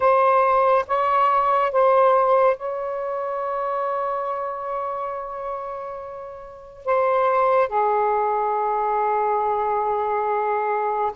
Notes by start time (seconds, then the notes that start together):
0.00 C5
0.87 C#5
1.71 C5
2.56 C#5
6.85 C5
7.69 G#4